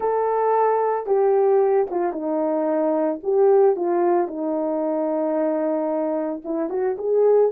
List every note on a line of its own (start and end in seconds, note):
0.00 1.06 A4
1.06 1.87 G4
1.90 2.12 F4
2.12 3.19 D#4
3.23 3.76 G4
3.76 4.27 F4
4.27 6.41 D#4
6.44 6.69 E4
6.69 6.96 F#4
6.98 7.51 G#4